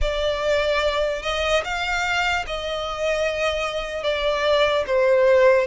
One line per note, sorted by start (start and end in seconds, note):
0.01 1.22 D5
1.22 1.63 D#5
1.64 2.45 F5
2.46 4.03 D#5
4.03 4.84 D5
4.86 5.67 C5